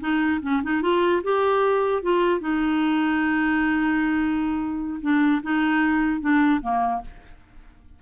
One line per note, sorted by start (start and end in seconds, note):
0.00 0.40 D#4
0.42 0.62 C#4
0.63 0.82 D#4
0.82 1.22 F4
1.23 2.02 G4
2.02 2.40 F4
2.40 5.00 D#4
5.01 5.41 D4
5.43 6.21 D#4
6.21 6.61 D4
6.61 7.01 A#3